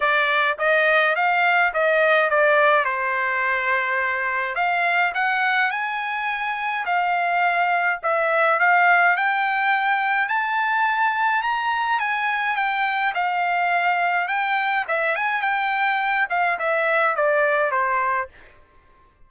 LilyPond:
\new Staff \with { instrumentName = "trumpet" } { \time 4/4 \tempo 4 = 105 d''4 dis''4 f''4 dis''4 | d''4 c''2. | f''4 fis''4 gis''2 | f''2 e''4 f''4 |
g''2 a''2 | ais''4 gis''4 g''4 f''4~ | f''4 g''4 e''8 gis''8 g''4~ | g''8 f''8 e''4 d''4 c''4 | }